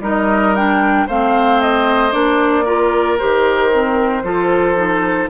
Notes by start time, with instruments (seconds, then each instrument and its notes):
0.00 bassoon G3, clarinet D#4, oboe A#4, flute D#5
0.55 clarinet D4, flute G5
1.07 bassoon A3, clarinet C4, oboe C5, flute F5
1.61 flute D#5
2.11 bassoon A#3, clarinet D4, flute D5
2.64 clarinet F4, oboe A#4
3.18 bassoon D#3, clarinet G4, flute C5
3.73 clarinet C4
4.23 bassoon F3, clarinet F4, oboe A4
4.75 clarinet D#4